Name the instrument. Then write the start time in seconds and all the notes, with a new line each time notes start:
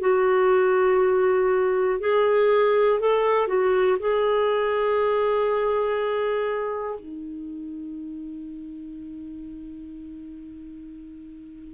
clarinet
0.00 F#4
2.00 G#4
3.00 A4
3.47 F#4
3.99 G#4
6.99 D#4